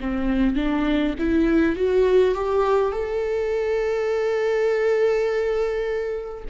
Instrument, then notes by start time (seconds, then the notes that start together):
viola
0.00 C4
0.55 D4
1.19 E4
1.75 F#4
2.34 G4
2.91 A4